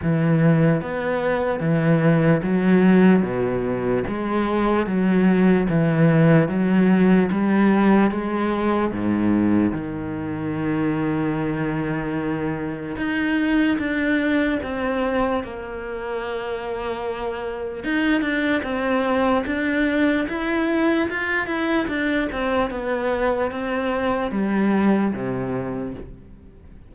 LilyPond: \new Staff \with { instrumentName = "cello" } { \time 4/4 \tempo 4 = 74 e4 b4 e4 fis4 | b,4 gis4 fis4 e4 | fis4 g4 gis4 gis,4 | dis1 |
dis'4 d'4 c'4 ais4~ | ais2 dis'8 d'8 c'4 | d'4 e'4 f'8 e'8 d'8 c'8 | b4 c'4 g4 c4 | }